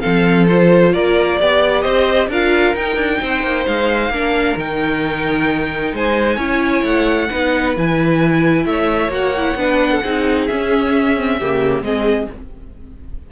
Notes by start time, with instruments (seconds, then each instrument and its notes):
0.00 cello F3, viola C4, violin A4 F5
0.48 viola F4, violin C5
0.93 cello A#3, violin A#4 D5
1.38 cello B3, viola G4, violin D5
1.82 cello C4, violin C5 D#5
2.28 cello D4, viola F4, violin A#4 F5
2.74 cello D#4, viola D#4, violin G5
2.96 cello D4
3.21 cello C4, violin C5
3.43 cello A#3
3.66 cello G#3, violin F5
4.09 cello A#3, viola D4, violin A#4
4.56 cello D#3, viola D#4, violin G5
5.93 cello G#3, violin C5 G#5
6.36 cello C#4, viola E4, violin C#5
6.83 cello A3, violin F#5
7.30 cello B3, viola D#4, violin B4
7.76 cello E3, viola E4, violin G#5
8.65 cello A3, violin C#5 E5
9.08 cello A#3, viola F#4, violin F#5
9.37 viola E4
9.55 cello B3, viola D4, violin B4
9.91 violin A4
10.02 cello C4, viola D#4, violin G#4
10.46 viola C#4, cello C#4, violin E5
11.16 viola C4
11.38 cello C#3, viola A#3, violin G4
11.81 cello G#3, viola C4, violin G#4 D#5